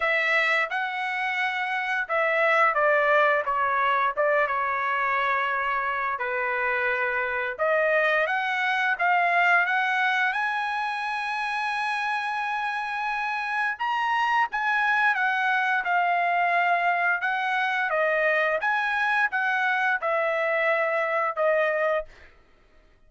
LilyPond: \new Staff \with { instrumentName = "trumpet" } { \time 4/4 \tempo 4 = 87 e''4 fis''2 e''4 | d''4 cis''4 d''8 cis''4.~ | cis''4 b'2 dis''4 | fis''4 f''4 fis''4 gis''4~ |
gis''1 | ais''4 gis''4 fis''4 f''4~ | f''4 fis''4 dis''4 gis''4 | fis''4 e''2 dis''4 | }